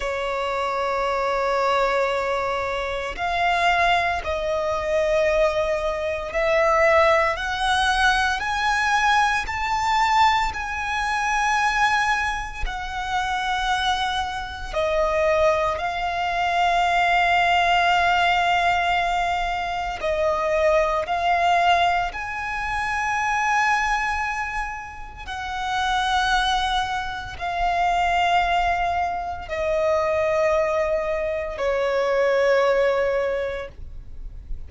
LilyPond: \new Staff \with { instrumentName = "violin" } { \time 4/4 \tempo 4 = 57 cis''2. f''4 | dis''2 e''4 fis''4 | gis''4 a''4 gis''2 | fis''2 dis''4 f''4~ |
f''2. dis''4 | f''4 gis''2. | fis''2 f''2 | dis''2 cis''2 | }